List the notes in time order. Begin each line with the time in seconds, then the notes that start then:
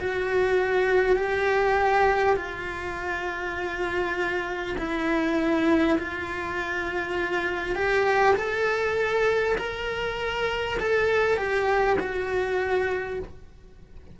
0.00 F#4
1.17 G4
2.37 F4
4.78 E4
5.99 F4
7.76 G4
8.36 A4
9.58 A#4
10.80 A4
11.37 G4
12.00 F#4